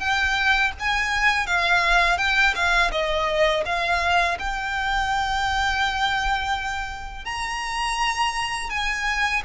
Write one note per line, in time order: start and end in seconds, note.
0.00 0.72 G5
0.80 1.47 G#5
1.47 2.19 F5
2.19 2.55 G5
2.55 2.91 F5
2.92 3.64 D#5
3.66 4.38 F5
4.40 7.26 G5
7.26 8.70 A#5
8.70 9.43 G#5